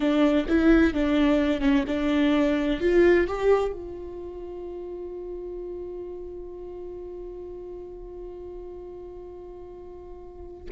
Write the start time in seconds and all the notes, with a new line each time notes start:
0.00 D4
0.48 E4
0.93 D4
1.60 C#4
1.87 D4
2.80 F4
3.27 G4
3.72 F4